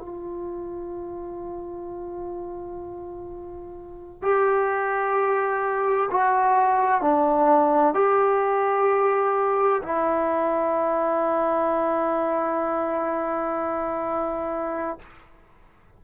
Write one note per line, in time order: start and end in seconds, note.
0.00 4.22 F4
4.22 6.09 G4
6.11 7.01 F#4
7.01 7.94 D4
7.94 9.81 G4
9.83 14.98 E4